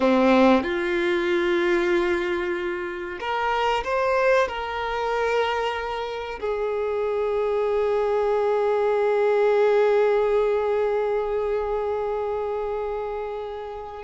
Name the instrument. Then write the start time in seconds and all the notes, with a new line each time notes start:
violin
0.00 C4
0.63 F4
3.19 A#4
3.84 C5
4.48 A#4
6.39 G#4